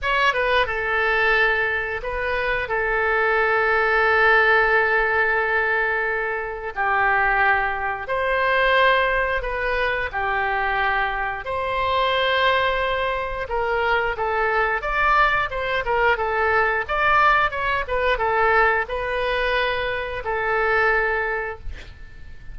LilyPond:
\new Staff \with { instrumentName = "oboe" } { \time 4/4 \tempo 4 = 89 cis''8 b'8 a'2 b'4 | a'1~ | a'2 g'2 | c''2 b'4 g'4~ |
g'4 c''2. | ais'4 a'4 d''4 c''8 ais'8 | a'4 d''4 cis''8 b'8 a'4 | b'2 a'2 | }